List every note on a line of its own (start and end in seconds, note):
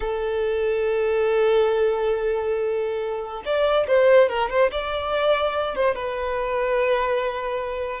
0.00 3.43 A4
3.45 3.86 D5
3.87 4.29 C5
4.29 4.49 A#4
4.49 4.70 C5
4.71 5.75 D5
5.75 5.95 C5
5.95 8.00 B4